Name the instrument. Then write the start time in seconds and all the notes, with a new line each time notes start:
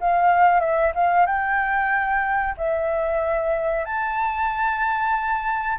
flute
0.00 F5
0.60 E5
0.95 F5
1.26 G5
2.57 E5
3.85 A5